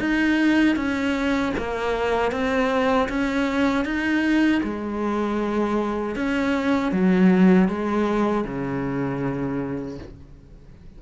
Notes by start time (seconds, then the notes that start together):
0.00 D#4
0.77 C#4
1.58 A#3
2.32 C4
3.09 C#4
3.85 D#4
4.64 G#3
6.16 C#4
6.92 F#3
7.69 G#3
8.45 C#3